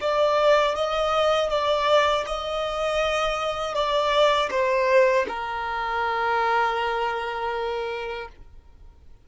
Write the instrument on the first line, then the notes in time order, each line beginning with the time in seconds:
violin
0.00 D5
0.75 D#5
1.49 D5
2.26 D#5
3.74 D5
4.50 C5
5.28 A#4